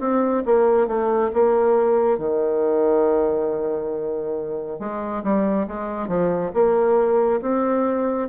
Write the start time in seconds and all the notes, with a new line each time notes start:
0.00 C4
0.45 A#3
0.88 A3
1.34 A#3
2.19 D#3
4.79 G#3
5.23 G3
5.67 G#3
6.08 F3
6.54 A#3
7.42 C4